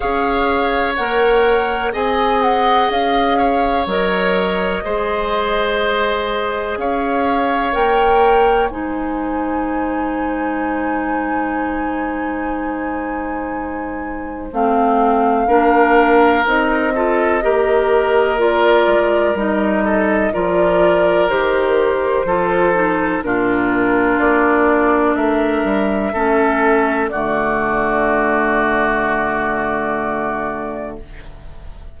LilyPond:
<<
  \new Staff \with { instrumentName = "flute" } { \time 4/4 \tempo 4 = 62 f''4 fis''4 gis''8 fis''8 f''4 | dis''2. f''4 | g''4 gis''2.~ | gis''2. f''4~ |
f''4 dis''2 d''4 | dis''4 d''4 c''2 | ais'4 d''4 e''2 | d''1 | }
  \new Staff \with { instrumentName = "oboe" } { \time 4/4 cis''2 dis''4. cis''8~ | cis''4 c''2 cis''4~ | cis''4 c''2.~ | c''1 |
ais'4. a'8 ais'2~ | ais'8 a'8 ais'2 a'4 | f'2 ais'4 a'4 | fis'1 | }
  \new Staff \with { instrumentName = "clarinet" } { \time 4/4 gis'4 ais'4 gis'2 | ais'4 gis'2. | ais'4 dis'2.~ | dis'2. c'4 |
d'4 dis'8 f'8 g'4 f'4 | dis'4 f'4 g'4 f'8 dis'8 | d'2. cis'4 | a1 | }
  \new Staff \with { instrumentName = "bassoon" } { \time 4/4 cis'4 ais4 c'4 cis'4 | fis4 gis2 cis'4 | ais4 gis2.~ | gis2. a4 |
ais4 c'4 ais4. gis8 | g4 f4 dis4 f4 | ais,4 ais4 a8 g8 a4 | d1 | }
>>